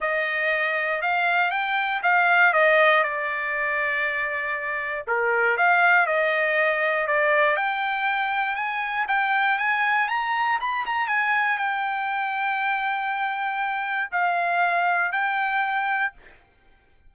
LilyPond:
\new Staff \with { instrumentName = "trumpet" } { \time 4/4 \tempo 4 = 119 dis''2 f''4 g''4 | f''4 dis''4 d''2~ | d''2 ais'4 f''4 | dis''2 d''4 g''4~ |
g''4 gis''4 g''4 gis''4 | ais''4 b''8 ais''8 gis''4 g''4~ | g''1 | f''2 g''2 | }